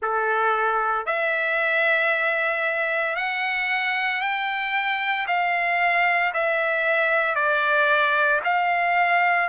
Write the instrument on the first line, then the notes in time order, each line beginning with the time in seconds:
trumpet
0.01 A4
1.05 E5
3.16 F#5
4.21 G5
5.27 F5
6.33 E5
7.35 D5
8.44 F5